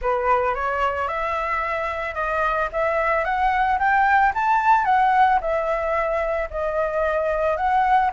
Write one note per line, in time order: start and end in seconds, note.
0.01 0.54 B4
0.54 1.08 C#5
1.08 2.14 E5
2.14 2.68 D#5
2.72 3.24 E5
3.24 3.78 F#5
3.78 4.32 G5
4.34 4.85 A5
4.85 5.39 F#5
5.41 6.49 E5
6.50 7.57 D#5
7.57 8.11 F#5